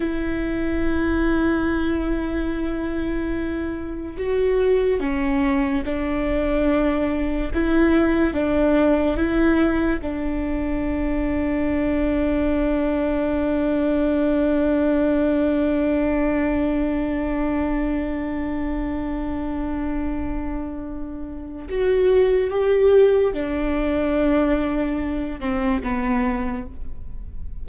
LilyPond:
\new Staff \with { instrumentName = "viola" } { \time 4/4 \tempo 4 = 72 e'1~ | e'4 fis'4 cis'4 d'4~ | d'4 e'4 d'4 e'4 | d'1~ |
d'1~ | d'1~ | d'2 fis'4 g'4 | d'2~ d'8 c'8 b4 | }